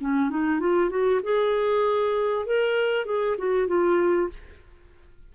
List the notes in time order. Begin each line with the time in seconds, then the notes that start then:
0.00 C#4
0.30 D#4
0.59 F4
0.89 F#4
1.23 G#4
2.45 A#4
3.05 G#4
3.37 F#4
3.67 F4